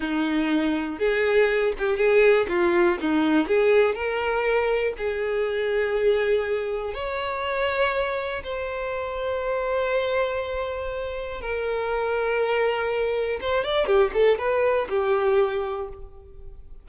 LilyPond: \new Staff \with { instrumentName = "violin" } { \time 4/4 \tempo 4 = 121 dis'2 gis'4. g'8 | gis'4 f'4 dis'4 gis'4 | ais'2 gis'2~ | gis'2 cis''2~ |
cis''4 c''2.~ | c''2. ais'4~ | ais'2. c''8 d''8 | g'8 a'8 b'4 g'2 | }